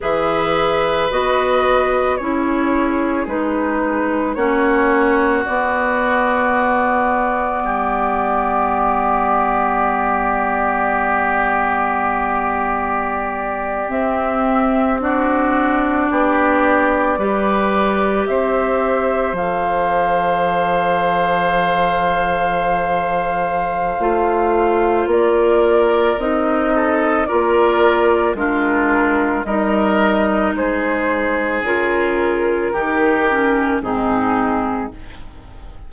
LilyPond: <<
  \new Staff \with { instrumentName = "flute" } { \time 4/4 \tempo 4 = 55 e''4 dis''4 cis''4 b'4 | cis''4 d''2.~ | d''1~ | d''8. e''4 d''2~ d''16~ |
d''8. e''4 f''2~ f''16~ | f''2. d''4 | dis''4 d''4 ais'4 dis''4 | c''4 ais'2 gis'4 | }
  \new Staff \with { instrumentName = "oboe" } { \time 4/4 b'2 gis'2 | fis'2. g'4~ | g'1~ | g'4.~ g'16 fis'4 g'4 b'16~ |
b'8. c''2.~ c''16~ | c''2. ais'4~ | ais'8 a'8 ais'4 f'4 ais'4 | gis'2 g'4 dis'4 | }
  \new Staff \with { instrumentName = "clarinet" } { \time 4/4 gis'4 fis'4 e'4 dis'4 | cis'4 b2.~ | b1~ | b8. c'4 d'2 g'16~ |
g'4.~ g'16 a'2~ a'16~ | a'2 f'2 | dis'4 f'4 d'4 dis'4~ | dis'4 f'4 dis'8 cis'8 c'4 | }
  \new Staff \with { instrumentName = "bassoon" } { \time 4/4 e4 b4 cis'4 gis4 | ais4 b2 g4~ | g1~ | g8. c'2 b4 g16~ |
g8. c'4 f2~ f16~ | f2 a4 ais4 | c'4 ais4 gis4 g4 | gis4 cis4 dis4 gis,4 | }
>>